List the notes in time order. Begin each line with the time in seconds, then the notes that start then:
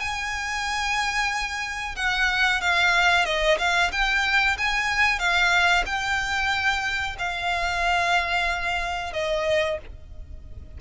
0.00 G#5
1.96 F#5
2.61 F5
3.25 D#5
3.59 F5
3.92 G5
4.58 G#5
5.19 F5
5.86 G5
7.19 F5
9.13 D#5